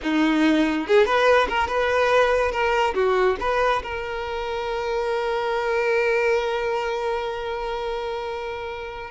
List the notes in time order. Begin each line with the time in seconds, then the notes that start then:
0.02 D#4
0.87 G#4
1.05 B4
1.48 A#4
1.67 B4
2.51 A#4
2.94 F#4
3.40 B4
3.82 A#4